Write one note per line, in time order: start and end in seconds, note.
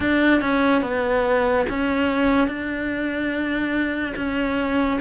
0.00 0.41 D4
0.41 0.82 C#4
0.82 1.65 B3
1.69 2.47 C#4
2.47 4.14 D4
4.16 4.99 C#4